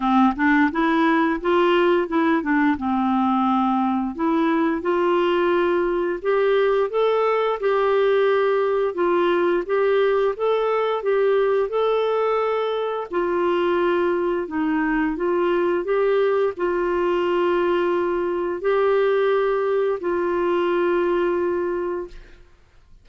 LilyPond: \new Staff \with { instrumentName = "clarinet" } { \time 4/4 \tempo 4 = 87 c'8 d'8 e'4 f'4 e'8 d'8 | c'2 e'4 f'4~ | f'4 g'4 a'4 g'4~ | g'4 f'4 g'4 a'4 |
g'4 a'2 f'4~ | f'4 dis'4 f'4 g'4 | f'2. g'4~ | g'4 f'2. | }